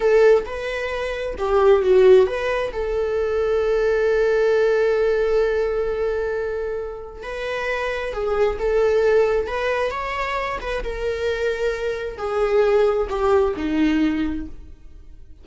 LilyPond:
\new Staff \with { instrumentName = "viola" } { \time 4/4 \tempo 4 = 133 a'4 b'2 g'4 | fis'4 b'4 a'2~ | a'1~ | a'1 |
b'2 gis'4 a'4~ | a'4 b'4 cis''4. b'8 | ais'2. gis'4~ | gis'4 g'4 dis'2 | }